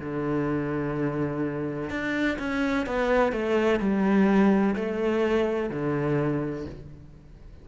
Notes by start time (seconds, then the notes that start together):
0.00 D3
1.90 D4
2.39 C#4
2.86 B3
3.32 A3
3.80 G3
4.76 A3
5.70 D3